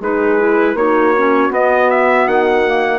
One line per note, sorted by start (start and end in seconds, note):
0.00 0.75 G#3
0.00 0.39 D#4
0.00 0.75 G#4
0.00 0.77 B4
0.39 0.76 E4
0.75 1.50 A#3
0.75 1.13 D#4
0.75 2.99 F#4
0.75 1.52 C#5
1.18 1.50 C#4
1.50 2.62 B3
1.50 2.26 B3
1.50 1.90 D#5
1.90 2.28 E5
2.27 2.99 D#3
2.27 2.99 F#5
2.66 2.99 A#3